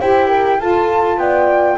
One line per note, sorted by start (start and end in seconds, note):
0.00 0.60 E4
0.00 0.59 G4
0.00 0.28 C5
0.00 0.60 G5
0.28 0.58 A#4
0.59 1.78 F4
0.59 1.17 F4
0.59 1.19 A4
0.59 1.19 A5
1.17 1.76 B3
1.17 1.78 D5
1.17 1.78 G5